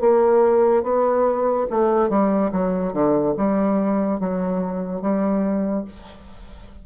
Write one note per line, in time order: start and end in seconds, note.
0.00 0.83 A#3
0.83 1.66 B3
1.70 2.09 A3
2.09 2.50 G3
2.51 2.92 F#3
2.92 3.34 D3
3.36 4.19 G3
4.19 5.01 F#3
5.01 5.84 G3